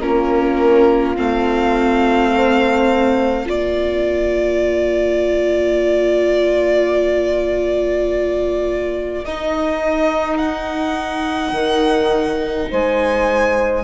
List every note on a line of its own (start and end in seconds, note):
0.00 1.15 A#3
0.00 1.16 C#4
0.00 2.32 F4
0.00 1.17 A#4
1.16 3.47 A3
1.16 3.46 C4
1.16 3.48 F5
2.35 3.49 C5
3.46 9.24 A#3
3.46 9.23 F4
3.46 12.70 A#4
3.46 9.25 D5
9.25 11.52 D#4
9.25 13.84 D#4
9.25 10.38 D#5
10.38 12.69 F#5
11.52 12.68 D#3
12.70 13.84 G#3
12.70 13.84 C5
12.70 13.84 G#5